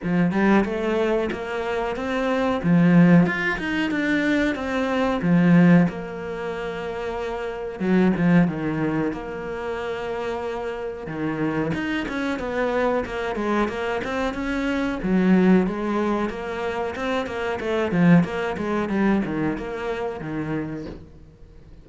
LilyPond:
\new Staff \with { instrumentName = "cello" } { \time 4/4 \tempo 4 = 92 f8 g8 a4 ais4 c'4 | f4 f'8 dis'8 d'4 c'4 | f4 ais2. | fis8 f8 dis4 ais2~ |
ais4 dis4 dis'8 cis'8 b4 | ais8 gis8 ais8 c'8 cis'4 fis4 | gis4 ais4 c'8 ais8 a8 f8 | ais8 gis8 g8 dis8 ais4 dis4 | }